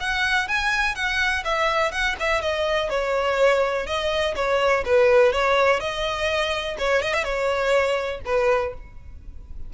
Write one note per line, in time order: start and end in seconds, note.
0.00 0.48 F#5
0.48 0.95 G#5
0.95 1.44 F#5
1.45 1.92 E5
1.92 2.16 F#5
2.20 2.42 E5
2.42 2.90 D#5
2.90 3.86 C#5
3.86 4.35 D#5
4.36 4.84 C#5
4.85 5.33 B4
5.33 5.80 C#5
5.80 6.77 D#5
6.79 7.02 C#5
7.02 7.14 D#5
7.14 7.24 E5
7.24 8.21 C#5
8.25 8.74 B4